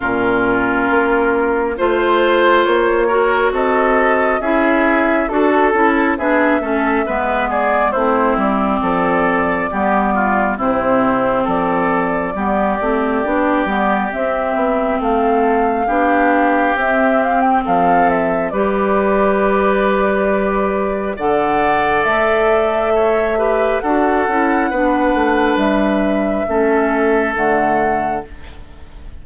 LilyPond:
<<
  \new Staff \with { instrumentName = "flute" } { \time 4/4 \tempo 4 = 68 ais'2 c''4 cis''4 | dis''4 e''4 a'4 e''4~ | e''8 d''8 c''8 d''2~ d''8 | c''4 d''2. |
e''4 f''2 e''8 f''16 g''16 | f''8 e''8 d''2. | fis''4 e''2 fis''4~ | fis''4 e''2 fis''4 | }
  \new Staff \with { instrumentName = "oboe" } { \time 4/4 f'2 c''4. ais'8 | a'4 gis'4 a'4 gis'8 a'8 | b'8 gis'8 e'4 a'4 g'8 f'8 | e'4 a'4 g'2~ |
g'4 a'4 g'2 | a'4 b'2. | d''2 cis''8 b'8 a'4 | b'2 a'2 | }
  \new Staff \with { instrumentName = "clarinet" } { \time 4/4 cis'2 f'4. fis'8~ | fis'4 e'4 fis'8 e'8 d'8 cis'8 | b4 c'2 b4 | c'2 b8 c'8 d'8 b8 |
c'2 d'4 c'4~ | c'4 g'2. | a'2~ a'8 g'8 fis'8 e'8 | d'2 cis'4 a4 | }
  \new Staff \with { instrumentName = "bassoon" } { \time 4/4 ais,4 ais4 a4 ais4 | c'4 cis'4 d'8 cis'8 b8 a8 | gis4 a8 g8 f4 g4 | c4 f4 g8 a8 b8 g8 |
c'8 b8 a4 b4 c'4 | f4 g2. | d4 a2 d'8 cis'8 | b8 a8 g4 a4 d4 | }
>>